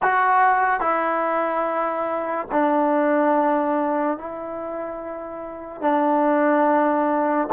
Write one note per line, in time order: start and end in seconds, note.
0.02 0.80 F#4
0.80 2.47 E4
2.52 4.17 D4
4.17 5.81 E4
5.81 7.48 D4